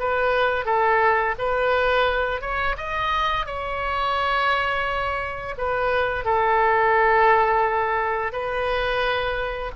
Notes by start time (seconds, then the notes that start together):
0.00 B4
0.65 A4
1.39 B4
2.41 C#5
2.77 D#5
3.46 C#5
5.58 B4
6.25 A4
8.32 B4